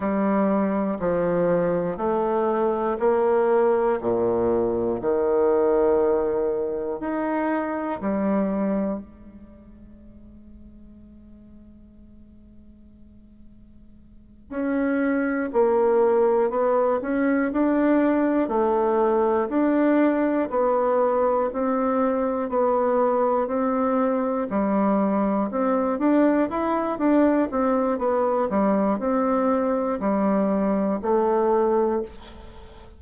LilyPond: \new Staff \with { instrumentName = "bassoon" } { \time 4/4 \tempo 4 = 60 g4 f4 a4 ais4 | ais,4 dis2 dis'4 | g4 gis2.~ | gis2~ gis8 cis'4 ais8~ |
ais8 b8 cis'8 d'4 a4 d'8~ | d'8 b4 c'4 b4 c'8~ | c'8 g4 c'8 d'8 e'8 d'8 c'8 | b8 g8 c'4 g4 a4 | }